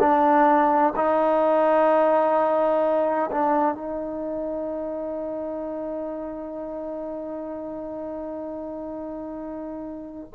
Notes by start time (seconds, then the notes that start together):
0.00 D4
0.96 D#4
3.32 D4
3.75 D#4